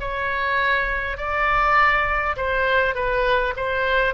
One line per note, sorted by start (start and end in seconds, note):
0.00 1.17 C#5
1.17 2.36 D5
2.36 2.95 C5
2.95 3.54 B4
3.56 4.14 C5